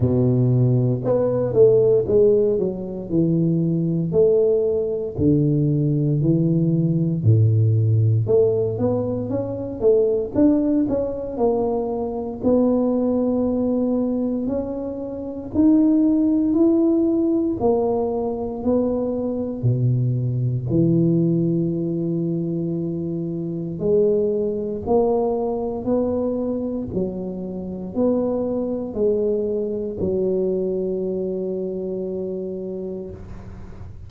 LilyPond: \new Staff \with { instrumentName = "tuba" } { \time 4/4 \tempo 4 = 58 b,4 b8 a8 gis8 fis8 e4 | a4 d4 e4 a,4 | a8 b8 cis'8 a8 d'8 cis'8 ais4 | b2 cis'4 dis'4 |
e'4 ais4 b4 b,4 | e2. gis4 | ais4 b4 fis4 b4 | gis4 fis2. | }